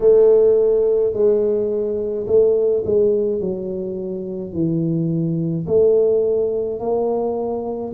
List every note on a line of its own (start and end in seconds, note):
0.00 1.13 A3
1.13 2.26 G#3
2.26 2.83 A3
2.85 3.40 G#3
3.40 4.52 F#3
4.52 5.66 E3
5.67 6.79 A3
6.79 7.92 A#3